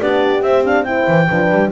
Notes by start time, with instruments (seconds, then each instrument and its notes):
0.00 double bass B3, horn D4 G4, clarinet D5
0.42 double bass C4, horn C4, clarinet E5
0.64 horn D4, clarinet F5
0.84 horn E4 C5, clarinet G5
1.08 double bass E3
1.29 double bass F3, horn D4 B4
1.51 double bass G3